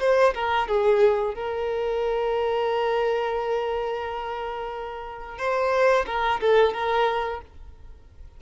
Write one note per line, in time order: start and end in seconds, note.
0.00 0.34 C5
0.34 0.68 A#4
0.68 1.35 G#4
1.35 5.38 A#4
5.38 6.06 C5
6.06 6.40 A#4
6.40 6.73 A4
6.73 7.41 A#4